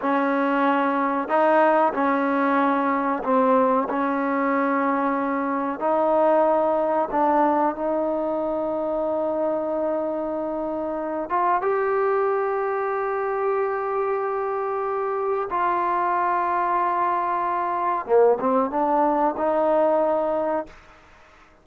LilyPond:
\new Staff \with { instrumentName = "trombone" } { \time 4/4 \tempo 4 = 93 cis'2 dis'4 cis'4~ | cis'4 c'4 cis'2~ | cis'4 dis'2 d'4 | dis'1~ |
dis'4. f'8 g'2~ | g'1 | f'1 | ais8 c'8 d'4 dis'2 | }